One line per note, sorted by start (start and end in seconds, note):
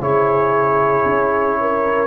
0.00 1.05 C#3
0.00 2.07 E4
0.00 1.58 G#4
0.00 2.07 C#5
1.05 2.07 C#4
1.60 2.07 A#4